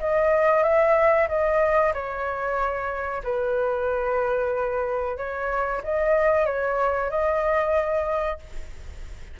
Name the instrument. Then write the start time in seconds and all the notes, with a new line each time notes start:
flute
0.00 D#5
0.64 E5
1.29 D#5
1.94 C#5
3.24 B4
5.17 C#5
5.84 D#5
6.46 C#5
7.11 D#5